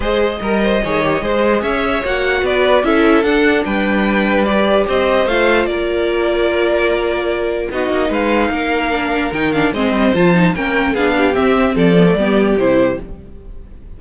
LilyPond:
<<
  \new Staff \with { instrumentName = "violin" } { \time 4/4 \tempo 4 = 148 dis''1 | e''4 fis''4 d''4 e''4 | fis''4 g''2 d''4 | dis''4 f''4 d''2~ |
d''2. dis''4 | f''2. g''8 f''8 | dis''4 a''4 g''4 f''4 | e''4 d''2 c''4 | }
  \new Staff \with { instrumentName = "violin" } { \time 4/4 c''4 ais'8 c''8 cis''4 c''4 | cis''2 b'4 a'4~ | a'4 b'2. | c''2 ais'2~ |
ais'2. fis'4 | b'4 ais'2. | c''2 ais'4 gis'8 g'8~ | g'4 a'4 g'2 | }
  \new Staff \with { instrumentName = "viola" } { \time 4/4 gis'4 ais'4 gis'8 g'8 gis'4~ | gis'4 fis'2 e'4 | d'2. g'4~ | g'4 f'2.~ |
f'2. dis'4~ | dis'2 d'4 dis'8 d'8 | c'4 f'8 dis'8 cis'4 d'4 | c'4. b16 a16 b4 e'4 | }
  \new Staff \with { instrumentName = "cello" } { \time 4/4 gis4 g4 dis4 gis4 | cis'4 ais4 b4 cis'4 | d'4 g2. | c'4 a4 ais2~ |
ais2. b8 ais8 | gis4 ais2 dis4 | gis8 g8 f4 ais4 b4 | c'4 f4 g4 c4 | }
>>